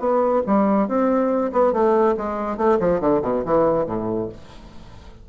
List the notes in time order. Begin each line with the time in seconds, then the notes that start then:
0.00 B3
0.47 G3
0.88 C4
1.53 B3
1.73 A3
2.18 G#3
2.58 A3
2.80 F3
3.01 D3
3.23 B2
3.46 E3
3.87 A2